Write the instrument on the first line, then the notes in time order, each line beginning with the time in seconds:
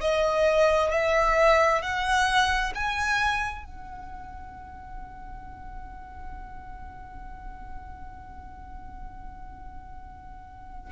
violin
0.00 D#5
0.91 E5
1.81 F#5
2.74 G#5
3.64 F#5